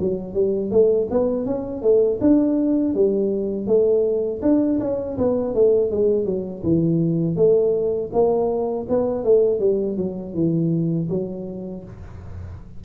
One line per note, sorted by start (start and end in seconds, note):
0.00 0.34 F#3
0.34 0.71 G3
0.71 1.08 A3
1.11 1.46 B3
1.46 1.82 C#4
1.82 2.20 A3
2.21 2.95 D4
2.95 3.67 G3
3.67 4.41 A3
4.42 4.79 D4
4.80 5.18 C#4
5.18 5.55 B3
5.55 5.91 A3
5.91 6.26 G#3
6.26 6.63 F#3
6.63 7.37 E3
7.37 8.11 A3
8.13 8.87 A#3
8.89 9.24 B3
9.24 9.60 A3
9.60 9.97 G3
9.97 10.34 F#3
10.35 11.09 E3
11.10 11.84 F#3